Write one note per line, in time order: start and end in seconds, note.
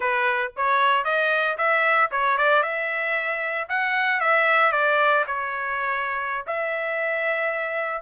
0.00 0.51 B4
0.56 1.04 C#5
1.04 1.57 D#5
1.57 2.10 E5
2.11 2.37 C#5
2.37 2.62 D5
2.62 3.68 E5
3.68 4.20 F#5
4.20 4.72 E5
4.72 5.24 D5
5.26 6.45 C#5
6.46 8.01 E5